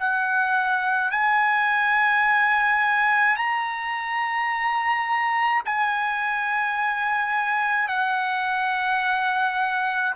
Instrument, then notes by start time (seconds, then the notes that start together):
trumpet
0.00 F#5
1.12 G#5
3.37 A#5
5.66 G#5
7.89 F#5